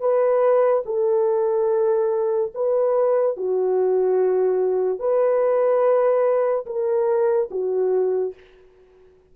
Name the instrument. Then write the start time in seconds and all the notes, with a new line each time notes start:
horn
0.00 B4
0.86 A4
2.55 B4
3.37 F#4
4.99 B4
6.66 A#4
7.51 F#4